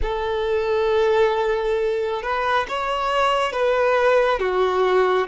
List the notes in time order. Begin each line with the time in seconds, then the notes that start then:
0.02 A4
2.22 B4
2.68 C#5
3.52 B4
4.39 F#4